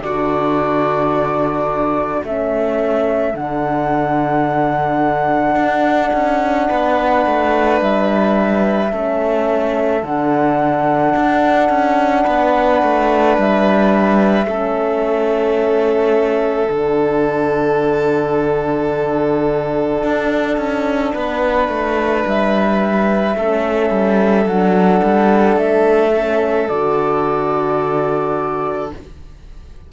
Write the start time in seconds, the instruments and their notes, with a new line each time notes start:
0.00 cello D3, horn D4, violin F#4, flute D5
2.24 cello A3, horn C#4, violin A4, flute E5
3.33 cello D3, horn D4, flute F#5
5.56 cello D4
6.14 cello C#4
6.69 cello B3, violin B4
7.26 cello A3
7.81 cello G3, flute E5
8.91 cello A3, horn C#4, violin A4
10.02 cello D3, horn D4, flute F#5
11.16 cello D4
11.70 cello C#4
12.24 cello B3, violin B4
12.83 cello A3
13.38 cello G3, flute E5
14.47 cello A3, horn C#4, violin A4
16.70 cello D3, horn D4, flute F#5
20.04 cello D4
20.57 cello C#4
21.15 cello B3, violin B4
21.69 cello A3
22.27 cello G3, flute E5
23.36 cello A3, horn C#4, violin A4
23.91 cello G3
24.46 cello F#3, horn D4, flute F#5
25.03 cello G3
25.57 cello A3, flute E5
26.15 horn C#4
26.69 cello D3, horn F#4, flute D5